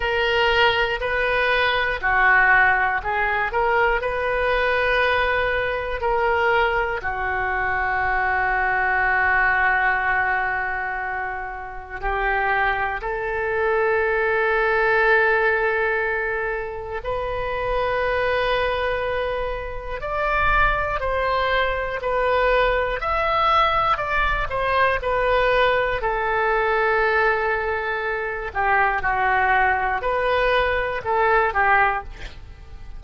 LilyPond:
\new Staff \with { instrumentName = "oboe" } { \time 4/4 \tempo 4 = 60 ais'4 b'4 fis'4 gis'8 ais'8 | b'2 ais'4 fis'4~ | fis'1 | g'4 a'2.~ |
a'4 b'2. | d''4 c''4 b'4 e''4 | d''8 c''8 b'4 a'2~ | a'8 g'8 fis'4 b'4 a'8 g'8 | }